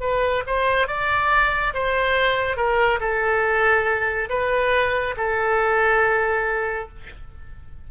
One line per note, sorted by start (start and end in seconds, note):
0.00 0.43 B4
0.46 0.87 C5
0.87 1.73 D5
1.74 2.56 C5
2.56 2.99 A#4
3.00 4.29 A4
4.29 5.15 B4
5.17 6.88 A4